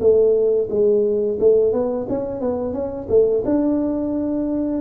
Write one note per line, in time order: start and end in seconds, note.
0.00 0.68 A3
0.70 1.38 G#3
1.40 1.73 A3
1.73 2.07 B3
2.09 2.40 C#4
2.40 2.73 B3
2.73 3.07 C#4
3.09 3.43 A3
3.45 4.81 D4